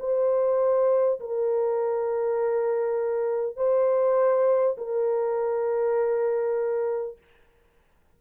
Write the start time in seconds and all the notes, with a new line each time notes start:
0.00 C5
1.21 A#4
3.57 C5
4.78 A#4